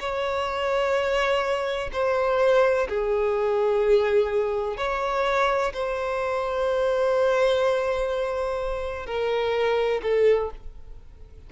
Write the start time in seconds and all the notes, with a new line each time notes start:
0.00 C#5
1.93 C5
2.89 G#4
4.77 C#5
5.74 C5
9.06 A#4
10.03 A4